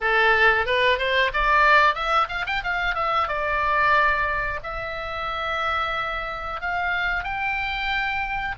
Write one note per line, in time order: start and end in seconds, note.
0.00 0.66 A4
0.66 0.98 B4
0.98 1.31 C5
1.33 1.94 D5
1.94 2.27 E5
2.28 2.45 F5
2.46 2.62 G5
2.63 2.95 F5
2.95 3.28 E5
3.28 4.60 D5
4.63 6.61 E5
6.61 7.23 F5
7.23 8.55 G5